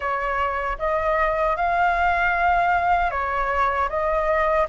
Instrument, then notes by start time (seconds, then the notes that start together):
flute
0.00 C#5
0.78 D#5
1.56 F5
3.10 C#5
3.89 D#5